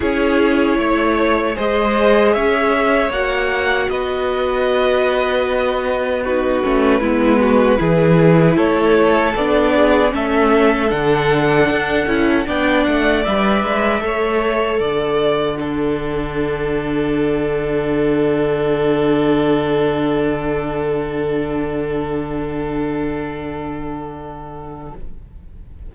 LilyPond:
<<
  \new Staff \with { instrumentName = "violin" } { \time 4/4 \tempo 4 = 77 cis''2 dis''4 e''4 | fis''4 dis''2. | b'2. cis''4 | d''4 e''4 fis''2 |
g''8 fis''8 e''2 fis''4~ | fis''1~ | fis''1~ | fis''1 | }
  \new Staff \with { instrumentName = "violin" } { \time 4/4 gis'4 cis''4 c''4 cis''4~ | cis''4 b'2. | fis'4 e'8 fis'8 gis'4 a'4~ | a'8 gis'8 a'2. |
d''2 cis''4 d''4 | a'1~ | a'1~ | a'1 | }
  \new Staff \with { instrumentName = "viola" } { \time 4/4 e'2 gis'2 | fis'1 | dis'8 cis'8 b4 e'2 | d'4 cis'4 d'4. e'8 |
d'4 b'4 a'2 | d'1~ | d'1~ | d'1 | }
  \new Staff \with { instrumentName = "cello" } { \time 4/4 cis'4 a4 gis4 cis'4 | ais4 b2.~ | b8 a8 gis4 e4 a4 | b4 a4 d4 d'8 cis'8 |
b8 a8 g8 gis8 a4 d4~ | d1~ | d1~ | d1 | }
>>